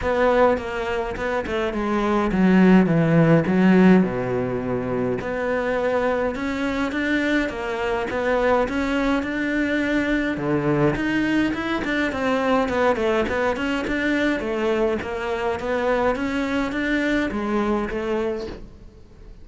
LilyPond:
\new Staff \with { instrumentName = "cello" } { \time 4/4 \tempo 4 = 104 b4 ais4 b8 a8 gis4 | fis4 e4 fis4 b,4~ | b,4 b2 cis'4 | d'4 ais4 b4 cis'4 |
d'2 d4 dis'4 | e'8 d'8 c'4 b8 a8 b8 cis'8 | d'4 a4 ais4 b4 | cis'4 d'4 gis4 a4 | }